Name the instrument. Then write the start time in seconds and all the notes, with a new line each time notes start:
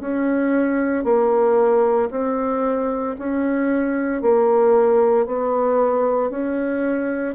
bassoon
0.00 C#4
1.04 A#3
2.11 C4
3.18 C#4
4.22 A#3
5.26 B3
6.30 C#4